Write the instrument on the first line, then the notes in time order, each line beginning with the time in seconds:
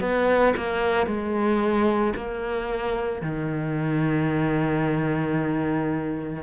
cello
0.00 B3
0.56 A#3
1.07 G#3
2.15 A#3
3.21 D#3